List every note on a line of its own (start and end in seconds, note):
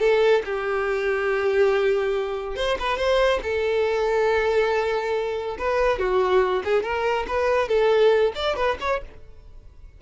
0.00 0.43 A4
0.45 2.56 G4
2.56 2.78 C5
2.80 2.97 B4
2.97 3.40 C5
3.43 5.57 A4
5.59 5.99 B4
5.99 6.63 F#4
6.64 6.83 G#4
6.83 7.26 A#4
7.28 7.69 B4
7.69 8.33 A4
8.36 8.56 D5
8.56 8.78 B4
8.81 9.02 C#5